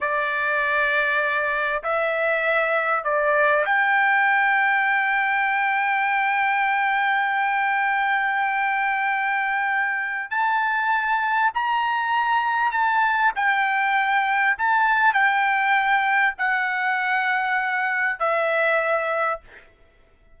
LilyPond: \new Staff \with { instrumentName = "trumpet" } { \time 4/4 \tempo 4 = 99 d''2. e''4~ | e''4 d''4 g''2~ | g''1~ | g''1~ |
g''4 a''2 ais''4~ | ais''4 a''4 g''2 | a''4 g''2 fis''4~ | fis''2 e''2 | }